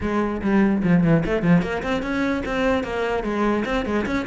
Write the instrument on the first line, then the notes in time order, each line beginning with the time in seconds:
cello
0.00 G#3
0.41 G3
0.83 F3
1.03 E3
1.25 A3
1.42 F3
1.62 A#3
1.82 C4
2.02 C#4
2.45 C4
2.83 A#3
3.23 G#3
3.65 C4
3.85 G#3
4.05 C#4